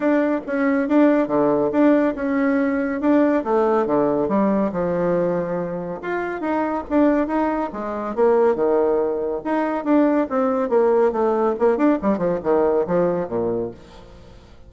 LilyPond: \new Staff \with { instrumentName = "bassoon" } { \time 4/4 \tempo 4 = 140 d'4 cis'4 d'4 d4 | d'4 cis'2 d'4 | a4 d4 g4 f4~ | f2 f'4 dis'4 |
d'4 dis'4 gis4 ais4 | dis2 dis'4 d'4 | c'4 ais4 a4 ais8 d'8 | g8 f8 dis4 f4 ais,4 | }